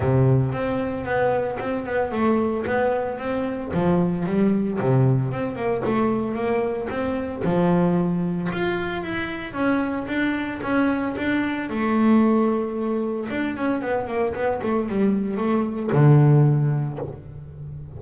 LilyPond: \new Staff \with { instrumentName = "double bass" } { \time 4/4 \tempo 4 = 113 c4 c'4 b4 c'8 b8 | a4 b4 c'4 f4 | g4 c4 c'8 ais8 a4 | ais4 c'4 f2 |
f'4 e'4 cis'4 d'4 | cis'4 d'4 a2~ | a4 d'8 cis'8 b8 ais8 b8 a8 | g4 a4 d2 | }